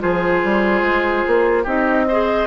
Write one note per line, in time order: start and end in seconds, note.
0.00 0.43 F3
0.00 1.64 F4
0.00 1.64 G#4
0.00 1.66 C5
0.43 0.82 G3
0.82 1.23 G#3
1.27 1.66 A#3
1.64 2.47 C4
1.64 2.07 D#4
1.64 2.05 G4
1.64 2.47 D#5
2.08 2.47 G#4
2.08 2.47 C5